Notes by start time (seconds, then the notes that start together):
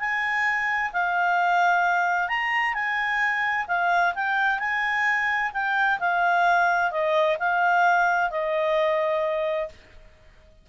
0.00 G#5
0.93 F5
2.29 A#5
2.74 G#5
3.68 F5
4.16 G5
4.60 G#5
5.54 G5
6.00 F5
6.92 D#5
7.40 F5
8.31 D#5